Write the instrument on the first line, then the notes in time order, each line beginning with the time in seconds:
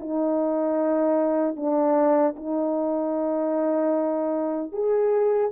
horn
0.00 D#4
1.56 D4
2.36 D#4
4.72 G#4